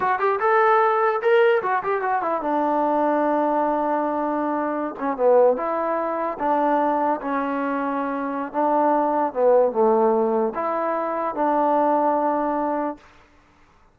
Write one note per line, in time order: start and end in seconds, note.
0.00 0.19 F#4
0.19 0.39 G4
0.39 1.21 A4
1.21 1.62 A#4
1.62 1.82 F#4
1.83 2.01 G4
2.01 2.21 F#4
2.21 2.41 E4
2.41 4.95 D4
4.99 5.16 C#4
5.16 5.57 B3
5.57 6.38 E4
6.39 7.20 D4
7.21 8.52 C#4
8.52 9.33 D4
9.33 9.72 B3
9.72 10.53 A3
10.54 11.35 E4
11.35 12.97 D4